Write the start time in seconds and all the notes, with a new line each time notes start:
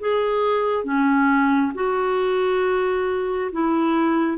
0.00 G#4
0.84 C#4
1.74 F#4
3.53 E4